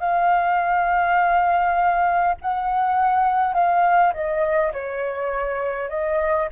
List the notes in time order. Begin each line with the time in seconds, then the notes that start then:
0.00 F5
2.41 F#5
3.53 F5
4.13 D#5
4.73 C#5
5.89 D#5